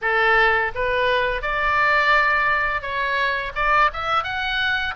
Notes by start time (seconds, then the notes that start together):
0.01 A4
0.74 B4
1.41 D5
2.81 C#5
3.55 D5
3.93 E5
4.24 F#5